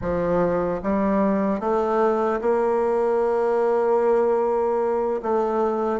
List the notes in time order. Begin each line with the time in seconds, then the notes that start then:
0.01 F3
0.83 G3
1.60 A3
2.41 A#3
5.22 A3